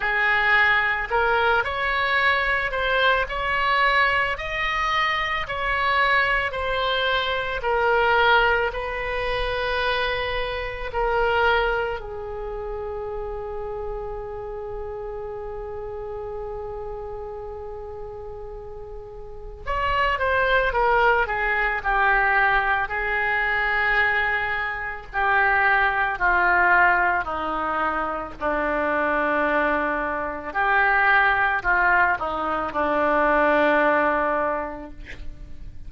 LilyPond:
\new Staff \with { instrumentName = "oboe" } { \time 4/4 \tempo 4 = 55 gis'4 ais'8 cis''4 c''8 cis''4 | dis''4 cis''4 c''4 ais'4 | b'2 ais'4 gis'4~ | gis'1~ |
gis'2 cis''8 c''8 ais'8 gis'8 | g'4 gis'2 g'4 | f'4 dis'4 d'2 | g'4 f'8 dis'8 d'2 | }